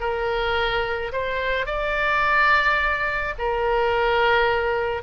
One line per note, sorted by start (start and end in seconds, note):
0.00 1.12 A#4
1.12 1.66 C5
1.66 3.34 D5
3.38 5.02 A#4